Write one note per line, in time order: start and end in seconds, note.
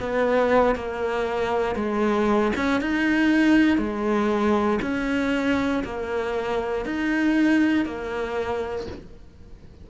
0.00 0.75 B3
0.75 1.75 A#3
1.75 2.51 G#3
2.56 2.81 C#4
2.81 3.78 D#4
3.78 4.79 G#3
4.82 5.83 C#4
5.84 6.85 A#3
6.85 7.85 D#4
7.85 8.87 A#3